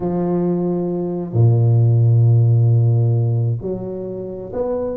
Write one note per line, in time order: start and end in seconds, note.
0.00 1.32 F3
1.32 3.58 A#2
3.61 4.52 F#3
4.52 4.97 B3